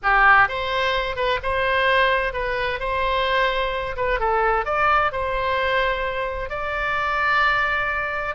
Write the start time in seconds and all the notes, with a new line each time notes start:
0.02 G4
0.48 C5
1.15 B4
1.42 C5
2.33 B4
2.79 C5
3.96 B4
4.19 A4
4.65 D5
5.12 C5
6.49 D5